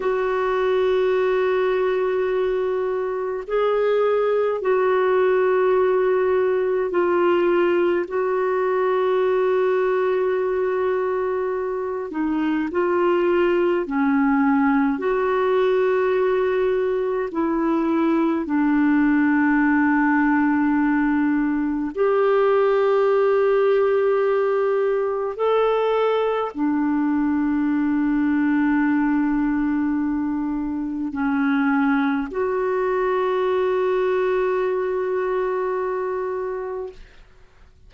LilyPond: \new Staff \with { instrumentName = "clarinet" } { \time 4/4 \tempo 4 = 52 fis'2. gis'4 | fis'2 f'4 fis'4~ | fis'2~ fis'8 dis'8 f'4 | cis'4 fis'2 e'4 |
d'2. g'4~ | g'2 a'4 d'4~ | d'2. cis'4 | fis'1 | }